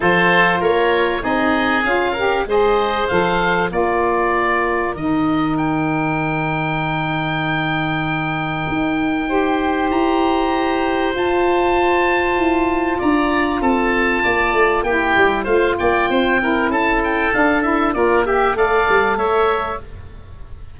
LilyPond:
<<
  \new Staff \with { instrumentName = "oboe" } { \time 4/4 \tempo 4 = 97 c''4 cis''4 dis''4 f''4 | dis''4 f''4 d''2 | dis''4 g''2.~ | g''1 |
ais''2 a''2~ | a''4 ais''4 a''2 | g''4 f''8 g''4. a''8 g''8 | f''8 e''8 d''8 e''8 f''4 e''4 | }
  \new Staff \with { instrumentName = "oboe" } { \time 4/4 a'4 ais'4 gis'4. ais'8 | c''2 ais'2~ | ais'1~ | ais'2. c''4~ |
c''1~ | c''4 d''4 a'4 d''4 | g'4 c''8 d''8 c''8 ais'8 a'4~ | a'4 ais'8 g'8 d''4 cis''4 | }
  \new Staff \with { instrumentName = "saxophone" } { \time 4/4 f'2 dis'4 f'8 g'8 | gis'4 a'4 f'2 | dis'1~ | dis'2. g'4~ |
g'2 f'2~ | f'1 | e'4 f'4. e'4. | d'8 e'8 f'8 g'8 a'2 | }
  \new Staff \with { instrumentName = "tuba" } { \time 4/4 f4 ais4 c'4 cis'4 | gis4 f4 ais2 | dis1~ | dis2 dis'2 |
e'2 f'2 | e'4 d'4 c'4 ais8 a8 | ais8 g8 a8 ais8 c'4 cis'4 | d'4 ais4 a8 g8 a4 | }
>>